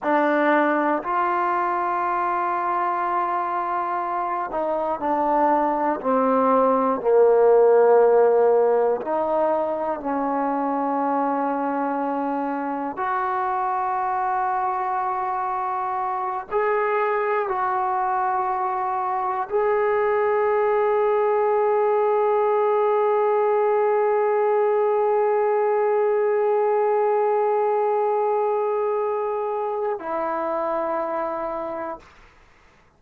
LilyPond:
\new Staff \with { instrumentName = "trombone" } { \time 4/4 \tempo 4 = 60 d'4 f'2.~ | f'8 dis'8 d'4 c'4 ais4~ | ais4 dis'4 cis'2~ | cis'4 fis'2.~ |
fis'8 gis'4 fis'2 gis'8~ | gis'1~ | gis'1~ | gis'2 e'2 | }